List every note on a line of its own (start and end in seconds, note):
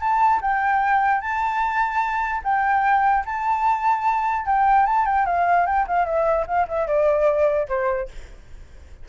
0.00 0.40 A5
0.41 1.21 G5
1.21 2.42 A5
2.44 3.24 G5
3.25 4.46 A5
4.46 4.86 G5
4.86 5.06 A5
5.06 5.26 G5
5.26 5.66 F5
5.66 5.86 G5
5.88 6.05 F5
6.05 6.45 E5
6.47 6.67 F5
6.68 6.87 E5
6.87 7.67 D5
7.68 8.09 C5